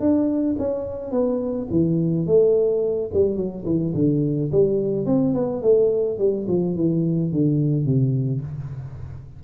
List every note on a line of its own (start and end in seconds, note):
0.00 0.56 D4
0.58 1.11 C#4
1.11 1.67 B3
1.71 2.26 E3
2.26 3.10 A3
3.14 3.36 G3
3.36 3.64 F#3
3.66 3.94 E3
3.95 4.51 D3
4.52 5.06 G3
5.06 5.34 C4
5.34 5.62 B3
5.62 6.18 A3
6.18 6.46 G3
6.48 6.76 F3
6.76 7.32 E3
7.32 7.85 D3
7.85 8.41 C3